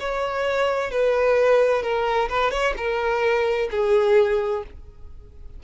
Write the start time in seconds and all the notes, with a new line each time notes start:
0.00 C#5
0.91 B4
1.83 A#4
2.30 B4
2.51 C#5
2.77 A#4
3.71 G#4